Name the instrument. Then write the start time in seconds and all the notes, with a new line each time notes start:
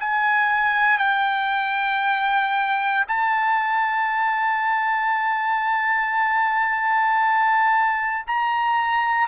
trumpet
0.00 G#5
0.98 G5
3.08 A5
8.27 A#5